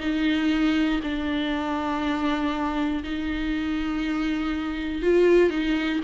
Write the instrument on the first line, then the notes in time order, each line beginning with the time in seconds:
viola
0.00 D#4
1.03 D4
3.03 D#4
5.02 F4
5.50 D#4